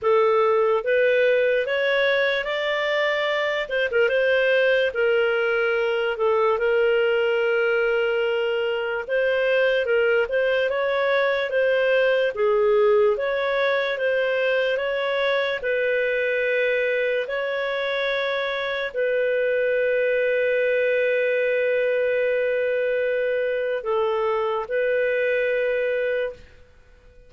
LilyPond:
\new Staff \with { instrumentName = "clarinet" } { \time 4/4 \tempo 4 = 73 a'4 b'4 cis''4 d''4~ | d''8 c''16 ais'16 c''4 ais'4. a'8 | ais'2. c''4 | ais'8 c''8 cis''4 c''4 gis'4 |
cis''4 c''4 cis''4 b'4~ | b'4 cis''2 b'4~ | b'1~ | b'4 a'4 b'2 | }